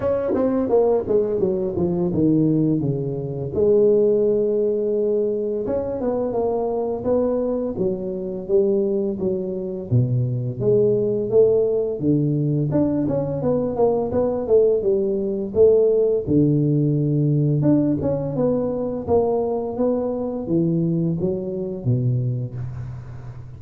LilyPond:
\new Staff \with { instrumentName = "tuba" } { \time 4/4 \tempo 4 = 85 cis'8 c'8 ais8 gis8 fis8 f8 dis4 | cis4 gis2. | cis'8 b8 ais4 b4 fis4 | g4 fis4 b,4 gis4 |
a4 d4 d'8 cis'8 b8 ais8 | b8 a8 g4 a4 d4~ | d4 d'8 cis'8 b4 ais4 | b4 e4 fis4 b,4 | }